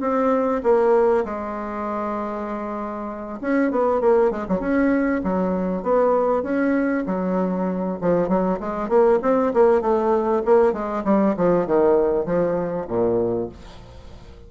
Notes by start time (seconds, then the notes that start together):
0.00 C4
0.63 A#3
1.24 G#3
3.41 C#4
3.71 B3
4.00 A#3
4.30 G#3
4.48 F#3
4.60 C#4
5.23 F#3
5.82 B3
6.42 C#4
7.06 F#3
8.01 F3
8.28 F#3
8.60 G#3
8.88 A#3
9.22 C4
9.53 A#3
9.81 A3
10.45 A#3
10.72 G#3
11.04 G3
11.36 F3
11.66 D#3
12.25 F3
12.87 A#2